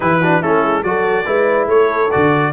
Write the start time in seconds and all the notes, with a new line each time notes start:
0.00 E3 E4 G4 B4
0.21 D4 F#4
0.41 A3 C#4 E4 A4
0.62 G#3
0.83 F#3 F#4 A4 D5
1.25 G#3 E4 B4
1.67 A3 A4 C#5
2.10 D3 F#4 D5